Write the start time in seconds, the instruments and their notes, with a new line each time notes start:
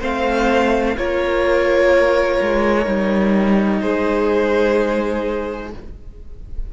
0.00 cello A3, viola C4, violin C5 F5
0.97 cello A#3, viola F4, violin A#4 C#5
2.41 cello G#3
2.84 cello G3, viola D#4
3.81 cello G#3, violin G#4 C5